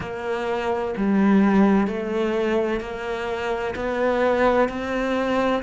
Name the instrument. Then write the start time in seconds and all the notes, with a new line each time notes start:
cello
0.00 A#3
0.96 G3
1.87 A3
2.80 A#3
3.75 B3
4.68 C4